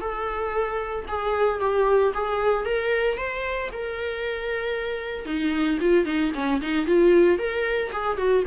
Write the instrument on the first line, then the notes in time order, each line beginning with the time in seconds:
viola
0.00 A4
1.08 G#4
1.60 G4
2.14 G#4
2.65 A#4
3.17 C5
3.72 A#4
5.25 D#4
5.80 F4
6.05 D#4
6.34 C#4
6.61 D#4
6.86 F4
7.38 A#4
7.92 G#4
8.17 F#4